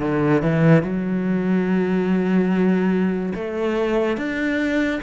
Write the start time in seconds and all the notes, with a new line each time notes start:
0.00 D3
0.42 E3
0.82 F#3
3.34 A3
4.17 D4